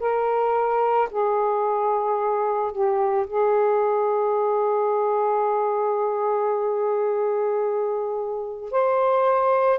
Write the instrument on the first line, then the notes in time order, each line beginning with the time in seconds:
saxophone
0.00 A#4
1.11 G#4
2.72 G4
3.27 G#4
8.72 C5